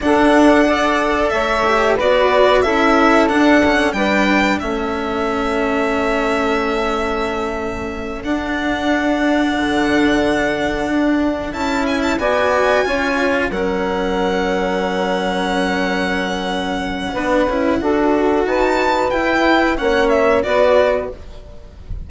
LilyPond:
<<
  \new Staff \with { instrumentName = "violin" } { \time 4/4 \tempo 4 = 91 fis''2 e''4 d''4 | e''4 fis''4 g''4 e''4~ | e''1~ | e''8 fis''2.~ fis''8~ |
fis''4. a''8 gis''16 a''16 gis''4.~ | gis''8 fis''2.~ fis''8~ | fis''1 | a''4 g''4 fis''8 e''8 d''4 | }
  \new Staff \with { instrumentName = "saxophone" } { \time 4/4 a'4 d''4 cis''4 b'4 | a'2 b'4 a'4~ | a'1~ | a'1~ |
a'2~ a'8 d''4 cis''8~ | cis''8 ais'2.~ ais'8~ | ais'2 b'4 a'4 | b'2 cis''4 b'4 | }
  \new Staff \with { instrumentName = "cello" } { \time 4/4 d'4 a'4. g'8 fis'4 | e'4 d'8 cis'8 d'4 cis'4~ | cis'1~ | cis'8 d'2.~ d'8~ |
d'4. e'4 fis'4 f'8~ | f'8 cis'2.~ cis'8~ | cis'2 d'8 e'8 fis'4~ | fis'4 e'4 cis'4 fis'4 | }
  \new Staff \with { instrumentName = "bassoon" } { \time 4/4 d'2 a4 b4 | cis'4 d'4 g4 a4~ | a1~ | a8 d'2 d4.~ |
d8 d'4 cis'4 b4 cis'8~ | cis'8 fis2.~ fis8~ | fis2 b8 cis'8 d'4 | dis'4 e'4 ais4 b4 | }
>>